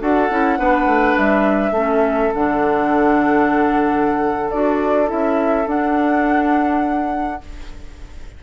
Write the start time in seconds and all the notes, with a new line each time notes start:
0.00 D4 F#4 A4 F#5
0.30 C#4 E4
0.58 B3 D4 B4
0.85 A3
1.17 G3 E5
1.71 A3 C#4 A4
2.34 D3 D4 F#5
4.50 D4 F#4 D5
5.07 C#4 E4 E5
5.65 D4 F#5